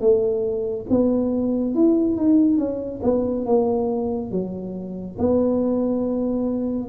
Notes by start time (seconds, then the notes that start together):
0.00 A3
0.89 B3
1.75 E4
2.16 D#4
2.57 C#4
3.02 B3
3.45 A#3
4.31 F#3
5.18 B3